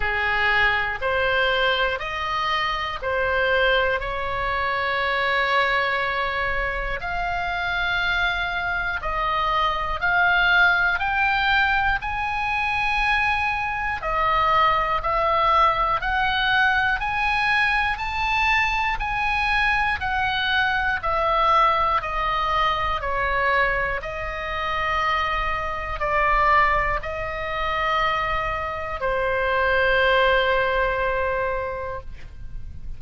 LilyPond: \new Staff \with { instrumentName = "oboe" } { \time 4/4 \tempo 4 = 60 gis'4 c''4 dis''4 c''4 | cis''2. f''4~ | f''4 dis''4 f''4 g''4 | gis''2 dis''4 e''4 |
fis''4 gis''4 a''4 gis''4 | fis''4 e''4 dis''4 cis''4 | dis''2 d''4 dis''4~ | dis''4 c''2. | }